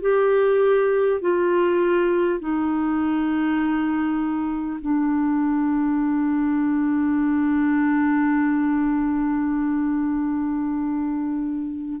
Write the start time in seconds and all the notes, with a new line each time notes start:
0.00 G4
1.20 F4
2.39 D#4
4.81 D4